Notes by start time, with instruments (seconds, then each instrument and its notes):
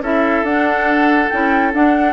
0.00 bassoon C#4, clarinet E4, oboe A4, flute E5
0.43 bassoon D4, clarinet D4, flute F#5
1.30 bassoon C#4, clarinet E4, flute G5
1.73 clarinet D4, bassoon D4, flute F#5